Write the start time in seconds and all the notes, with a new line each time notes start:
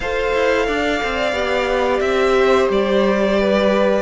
0.00 F4 A4 C5 F5
0.34 E4
0.66 D4 D5
1.03 C4
1.32 B3 G4
2.00 C4 E5
2.38 C5
2.69 G3 D5
3.39 B4